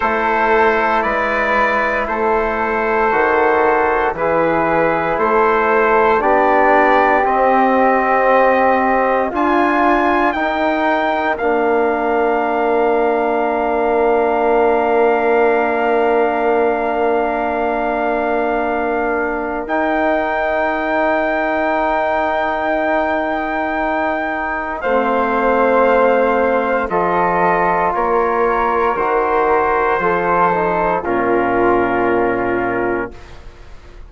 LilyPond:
<<
  \new Staff \with { instrumentName = "trumpet" } { \time 4/4 \tempo 4 = 58 c''4 d''4 c''2 | b'4 c''4 d''4 dis''4~ | dis''4 gis''4 g''4 f''4~ | f''1~ |
f''2. g''4~ | g''1 | f''2 dis''4 cis''4 | c''2 ais'2 | }
  \new Staff \with { instrumentName = "flute" } { \time 4/4 a'4 b'4 a'2 | gis'4 a'4 g'2~ | g'4 f'4 ais'2~ | ais'1~ |
ais'1~ | ais'1 | c''2 a'4 ais'4~ | ais'4 a'4 f'2 | }
  \new Staff \with { instrumentName = "trombone" } { \time 4/4 e'2. fis'4 | e'2 d'4 c'4~ | c'4 f'4 dis'4 d'4~ | d'1~ |
d'2. dis'4~ | dis'1 | c'2 f'2 | fis'4 f'8 dis'8 cis'2 | }
  \new Staff \with { instrumentName = "bassoon" } { \time 4/4 a4 gis4 a4 dis4 | e4 a4 b4 c'4~ | c'4 d'4 dis'4 ais4~ | ais1~ |
ais2. dis'4~ | dis'1 | a2 f4 ais4 | dis4 f4 ais,2 | }
>>